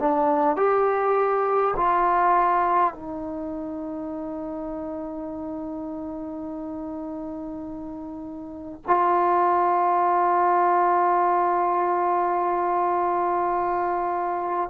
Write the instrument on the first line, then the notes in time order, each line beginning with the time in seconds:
trombone
0.00 D4
0.57 G4
1.77 F4
2.94 D#4
8.87 F4